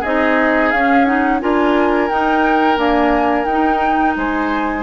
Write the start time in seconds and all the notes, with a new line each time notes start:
0.00 C4 D#4 G#4 D#5
0.71 C#4 F5
1.05 D#4 F#5
1.40 D4 F4 A#4 G#5
2.09 D#4 G5
2.77 A#3 D4 G#5
3.45 D#4 G5
4.16 G#3 C5 G#5